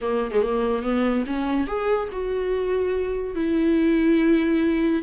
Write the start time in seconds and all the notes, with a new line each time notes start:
0.01 A#3
0.31 G#3
0.42 A#3
0.82 B3
1.26 C#4
1.67 G#4
2.12 F#4
3.35 E4